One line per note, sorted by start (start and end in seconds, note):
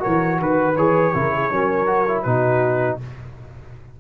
0.00 0.74 F#4
0.00 0.39 A#4
0.00 0.40 C#5
0.07 0.41 E3
0.41 0.77 D#3
0.41 0.77 B4
0.41 1.15 B4
0.77 1.14 E3
0.77 1.15 G#4
0.77 2.23 C#5
1.15 1.52 C#3
1.15 1.51 E4
1.15 1.33 A#4
1.34 1.52 G#4
1.51 2.26 F#3
1.51 1.87 C#4
1.51 2.25 A#4
1.87 2.05 F#4
2.08 2.26 E4
2.23 3.00 B2
2.23 3.00 D#4
2.23 2.99 F#4
2.23 2.97 B4